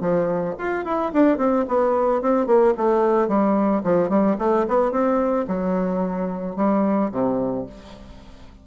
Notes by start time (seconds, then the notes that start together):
0.00 F3
0.58 F4
0.84 E4
1.13 D4
1.38 C4
1.68 B3
2.21 C4
2.46 A#3
2.77 A3
3.28 G3
3.84 F3
4.09 G3
4.38 A3
4.68 B3
4.91 C4
5.47 F#3
6.56 G3
7.11 C3